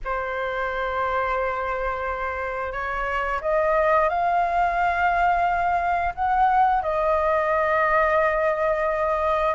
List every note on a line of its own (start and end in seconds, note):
0.04 2.72 C5
2.72 3.40 C#5
3.41 4.09 D#5
4.09 6.13 F5
6.15 6.82 F#5
6.82 9.55 D#5